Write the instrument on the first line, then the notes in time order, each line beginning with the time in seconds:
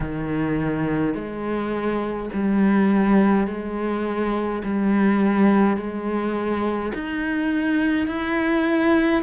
cello
0.00 D#3
1.14 G#3
2.33 G3
3.47 G#3
4.64 G3
5.76 G#3
6.94 D#4
8.07 E4